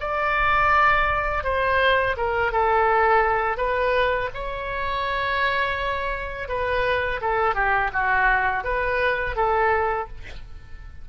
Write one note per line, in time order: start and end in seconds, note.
0.00 1.44 D5
1.44 2.16 C5
2.17 2.52 A#4
2.52 3.57 A4
3.57 4.29 B4
4.34 6.48 C#5
6.48 7.21 B4
7.21 7.55 A4
7.55 7.91 G4
7.93 8.64 F#4
8.64 9.36 B4
9.36 10.08 A4